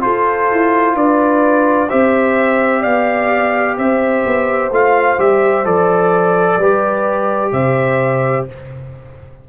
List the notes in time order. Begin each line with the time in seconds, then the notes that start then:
0.00 F4 A4 C5
0.52 E4
0.94 D4 B4 D5
1.89 C4 G4 C5 E5
2.81 B3 D5 F5
3.77 C4 C5 E5
4.25 B3
4.71 A3 F4 F5
5.18 G3 G4 E5
5.65 F3 A4 D5
6.57 G3 G4 B4
7.52 C3 C5 E5